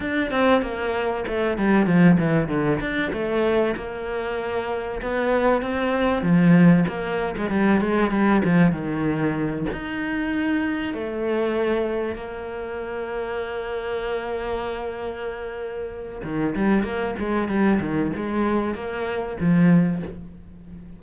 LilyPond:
\new Staff \with { instrumentName = "cello" } { \time 4/4 \tempo 4 = 96 d'8 c'8 ais4 a8 g8 f8 e8 | d8 d'8 a4 ais2 | b4 c'4 f4 ais8. gis16 | g8 gis8 g8 f8 dis4. dis'8~ |
dis'4. a2 ais8~ | ais1~ | ais2 dis8 g8 ais8 gis8 | g8 dis8 gis4 ais4 f4 | }